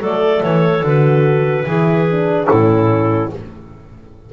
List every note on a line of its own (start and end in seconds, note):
0.00 0.42 F#3
0.00 0.83 A3
0.00 1.64 A4
0.00 0.43 D5
0.43 0.83 E3
0.43 0.84 C#5
0.83 1.65 D3
0.83 1.66 F#4
0.83 2.48 B4
1.66 2.48 E3
1.66 2.07 E4
1.66 2.48 G#4
2.11 2.50 D4
2.48 3.33 A2
2.48 3.32 C#4
2.48 3.31 E4
2.48 3.30 A4